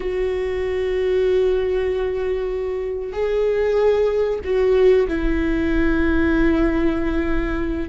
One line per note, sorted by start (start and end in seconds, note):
0.00 3.13 F#4
3.13 4.39 G#4
4.44 5.07 F#4
5.08 7.89 E4